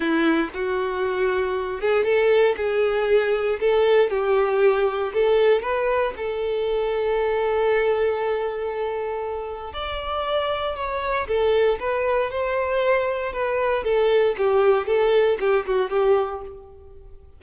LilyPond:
\new Staff \with { instrumentName = "violin" } { \time 4/4 \tempo 4 = 117 e'4 fis'2~ fis'8 gis'8 | a'4 gis'2 a'4 | g'2 a'4 b'4 | a'1~ |
a'2. d''4~ | d''4 cis''4 a'4 b'4 | c''2 b'4 a'4 | g'4 a'4 g'8 fis'8 g'4 | }